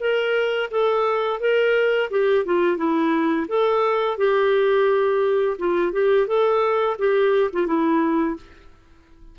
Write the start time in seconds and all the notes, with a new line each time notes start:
0.00 A#4
0.71 A4
1.40 A#4
2.10 G4
2.45 F4
2.77 E4
3.48 A4
4.18 G4
5.58 F4
5.92 G4
6.27 A4
6.99 G4
7.53 F4
7.66 E4